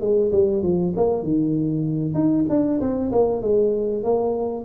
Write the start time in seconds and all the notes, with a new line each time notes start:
0.00 G#3
0.31 G3
0.62 F3
0.96 A#3
1.23 D#3
2.14 D#4
2.49 D4
2.80 C4
3.11 A#3
3.41 G#3
4.03 A#3